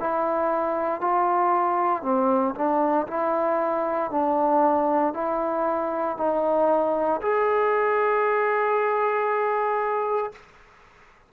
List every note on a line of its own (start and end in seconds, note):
0.00 1.01 E4
1.01 2.03 F4
2.03 2.55 C4
2.55 3.07 D4
3.08 4.11 E4
4.11 5.14 D4
5.14 6.17 E4
6.18 7.21 D#4
7.22 10.32 G#4